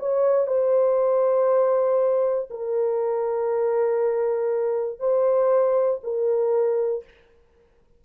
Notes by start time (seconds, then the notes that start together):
0.00 C#5
0.48 C5
2.51 A#4
5.00 C5
6.04 A#4